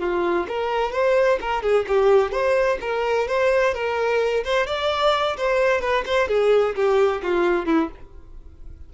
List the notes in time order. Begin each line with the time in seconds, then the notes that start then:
0.00 F4
0.49 A#4
0.93 C5
1.42 A#4
1.63 G#4
1.88 G4
2.32 C5
2.82 A#4
3.28 C5
3.75 A#4
4.45 C5
4.67 D5
5.37 C5
5.82 B4
6.06 C5
6.29 G#4
6.76 G4
7.23 F4
7.66 E4